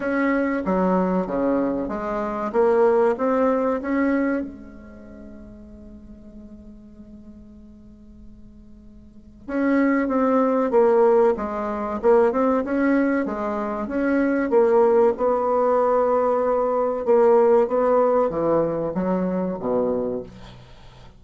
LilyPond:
\new Staff \with { instrumentName = "bassoon" } { \time 4/4 \tempo 4 = 95 cis'4 fis4 cis4 gis4 | ais4 c'4 cis'4 gis4~ | gis1~ | gis2. cis'4 |
c'4 ais4 gis4 ais8 c'8 | cis'4 gis4 cis'4 ais4 | b2. ais4 | b4 e4 fis4 b,4 | }